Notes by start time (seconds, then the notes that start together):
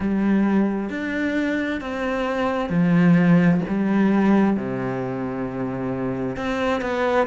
0.00 G3
0.89 D4
1.80 C4
2.69 F3
3.67 G3
4.56 C3
6.36 C4
6.81 B3